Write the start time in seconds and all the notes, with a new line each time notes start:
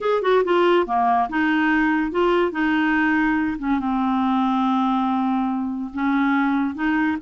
0.00 G#4
0.22 F#4
0.44 F4
0.86 A#3
1.29 D#4
2.11 F4
2.51 D#4
3.58 C#4
3.79 C4
5.93 C#4
6.75 D#4